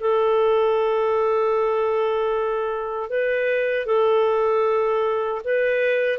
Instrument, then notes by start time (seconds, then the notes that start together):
clarinet
0.00 A4
3.10 B4
3.86 A4
5.44 B4